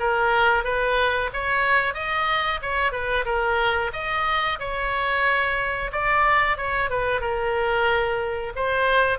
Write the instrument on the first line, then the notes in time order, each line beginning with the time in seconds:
oboe
0.00 A#4
0.64 B4
1.33 C#5
1.95 D#5
2.62 C#5
2.92 B4
3.26 A#4
3.93 D#5
4.60 C#5
5.93 D5
6.58 C#5
6.91 B4
7.21 A#4
8.56 C5